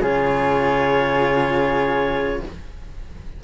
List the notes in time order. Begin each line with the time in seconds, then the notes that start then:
0.00 C#3 F4 G#4 C#5